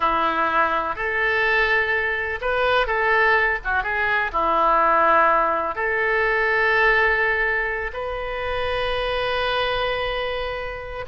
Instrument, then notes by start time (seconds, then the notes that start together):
oboe
0.00 E4
0.95 A4
2.41 B4
2.86 A4
3.64 F#4
3.83 G#4
4.32 E4
5.75 A4
7.93 B4